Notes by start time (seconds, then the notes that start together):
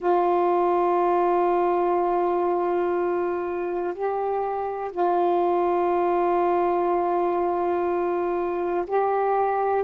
0.00 F4
3.93 G4
4.91 F4
8.86 G4